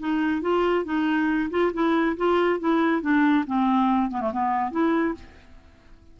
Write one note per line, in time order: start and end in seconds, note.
0.00 0.42 D#4
0.42 0.85 F4
0.85 1.50 D#4
1.50 1.72 F4
1.73 2.16 E4
2.17 2.60 F4
2.60 3.02 E4
3.02 3.45 D4
3.46 4.11 C4
4.11 4.21 B3
4.21 4.32 A3
4.32 4.71 B3
4.71 5.14 E4